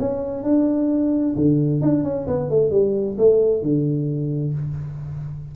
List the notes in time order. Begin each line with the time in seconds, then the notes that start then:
0.00 C#4
0.44 D4
1.36 D3
1.82 D4
2.04 C#4
2.27 B3
2.50 A3
2.71 G3
3.18 A3
3.62 D3